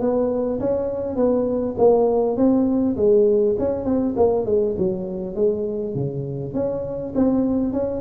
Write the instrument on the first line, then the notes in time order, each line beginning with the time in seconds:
tuba
0.00 B3
0.60 C#4
1.15 B3
1.77 A#3
2.36 C4
2.96 G#3
3.58 C#4
3.84 C4
4.16 A#3
4.45 G#3
4.77 F#3
5.35 G#3
5.94 C#3
6.54 C#4
7.15 C4
7.73 C#4